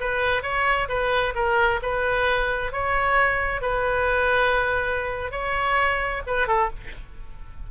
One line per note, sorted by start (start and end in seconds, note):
0.00 0.43 B4
0.43 0.88 C#5
0.88 1.34 B4
1.35 1.80 A#4
1.82 2.72 B4
2.72 3.61 C#5
3.61 5.31 B4
5.31 6.22 C#5
6.27 6.47 B4
6.47 6.70 A4